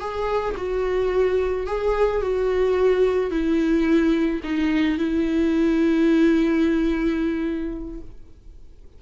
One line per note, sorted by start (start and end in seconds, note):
0.00 0.55 G#4
0.57 1.67 F#4
1.67 2.22 G#4
2.22 3.30 F#4
3.30 4.40 E4
4.43 4.98 D#4
4.98 8.01 E4